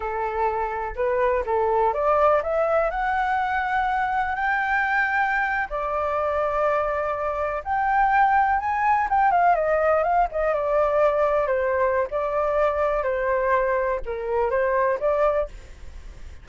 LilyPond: \new Staff \with { instrumentName = "flute" } { \time 4/4 \tempo 4 = 124 a'2 b'4 a'4 | d''4 e''4 fis''2~ | fis''4 g''2~ g''8. d''16~ | d''2.~ d''8. g''16~ |
g''4.~ g''16 gis''4 g''8 f''8 dis''16~ | dis''8. f''8 dis''8 d''2 c''16~ | c''4 d''2 c''4~ | c''4 ais'4 c''4 d''4 | }